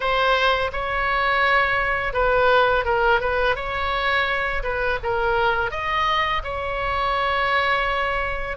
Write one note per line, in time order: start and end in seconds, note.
0.00 0.71 C5
0.72 2.13 C#5
2.13 2.84 B4
2.84 3.20 A#4
3.20 3.55 B4
3.55 4.62 C#5
4.63 4.98 B4
5.03 5.70 A#4
5.70 6.42 D#5
6.43 8.57 C#5